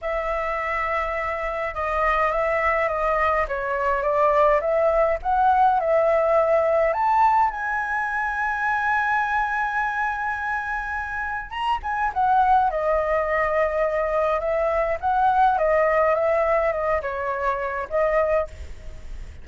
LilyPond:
\new Staff \with { instrumentName = "flute" } { \time 4/4 \tempo 4 = 104 e''2. dis''4 | e''4 dis''4 cis''4 d''4 | e''4 fis''4 e''2 | a''4 gis''2.~ |
gis''1 | ais''8 gis''8 fis''4 dis''2~ | dis''4 e''4 fis''4 dis''4 | e''4 dis''8 cis''4. dis''4 | }